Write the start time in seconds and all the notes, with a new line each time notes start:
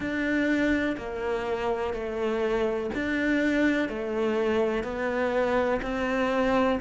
0.00 D4
0.97 A#3
1.93 A3
2.94 D4
3.88 A3
4.83 B3
5.82 C4